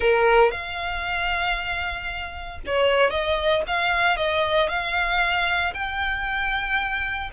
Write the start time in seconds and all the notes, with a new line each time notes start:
0.00 A#4
0.51 F5
2.66 C#5
3.10 D#5
3.67 F5
4.16 D#5
4.68 F5
5.74 G5